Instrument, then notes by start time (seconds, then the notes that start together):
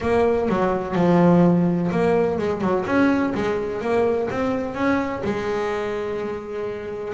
double bass
0.01 A#3
0.48 F#3
0.95 F3
1.91 A#3
2.38 G#3
2.61 F#3
2.85 C#4
3.34 G#3
3.81 A#3
4.30 C4
4.74 C#4
5.23 G#3